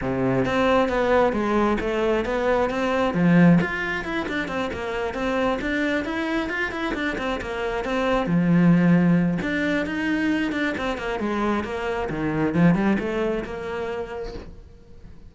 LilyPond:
\new Staff \with { instrumentName = "cello" } { \time 4/4 \tempo 4 = 134 c4 c'4 b4 gis4 | a4 b4 c'4 f4 | f'4 e'8 d'8 c'8 ais4 c'8~ | c'8 d'4 e'4 f'8 e'8 d'8 |
c'8 ais4 c'4 f4.~ | f4 d'4 dis'4. d'8 | c'8 ais8 gis4 ais4 dis4 | f8 g8 a4 ais2 | }